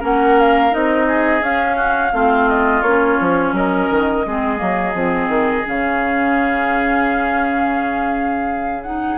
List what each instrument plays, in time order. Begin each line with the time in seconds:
0.00 bassoon A#3, clarinet C#4, oboe A#4, flute F#5
0.40 flute F5
0.71 bassoon C4, clarinet D#4, flute D#5
1.08 oboe G#4
1.42 bassoon C#4, clarinet C#4, flute F5
1.77 oboe F#4
2.13 bassoon A3, clarinet C4, oboe F4
2.49 flute D#5
2.82 bassoon A#3, clarinet C#4, flute C#5
3.21 bassoon F3
3.53 bassoon F#3, oboe A#4, flute D#5
3.91 bassoon D#3
4.26 bassoon G#3, clarinet C4, oboe G#4
4.58 bassoon F#3, clarinet A#3
4.95 bassoon F3, clarinet C4
5.29 bassoon D#3
5.65 bassoon C#3, clarinet C#4, flute F5
8.83 clarinet D#4, flute F#5